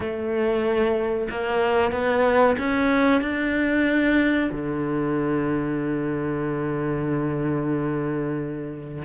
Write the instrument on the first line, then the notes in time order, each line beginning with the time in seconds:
cello
0.00 A3
1.30 A#3
1.91 B3
2.58 C#4
3.21 D4
4.51 D3